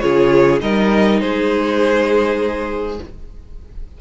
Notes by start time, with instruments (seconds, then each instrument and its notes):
0.00 cello C#3, viola F4, violin G#4 C#5
0.60 cello G3, viola D#4, violin A#4 D#5
1.20 cello G#3, violin G#4 C5